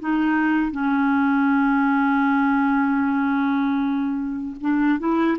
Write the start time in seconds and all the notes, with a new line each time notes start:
0.00 D#4
0.71 C#4
4.61 D4
4.99 E4